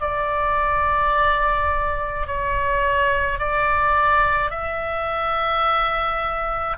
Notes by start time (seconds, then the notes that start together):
0.00 D5
2.26 C#5
3.39 D5
4.50 E5